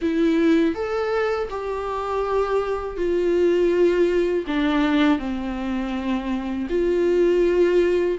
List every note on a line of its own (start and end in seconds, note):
0.01 0.74 E4
0.74 1.48 A4
1.49 2.96 G4
2.96 4.44 F4
4.46 5.19 D4
5.19 6.67 C4
6.69 8.18 F4